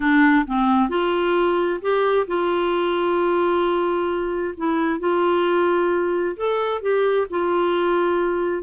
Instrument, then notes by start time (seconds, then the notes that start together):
clarinet
0.00 D4
0.46 C4
0.89 F4
1.81 G4
2.27 F4
4.57 E4
4.99 F4
6.36 A4
6.81 G4
7.30 F4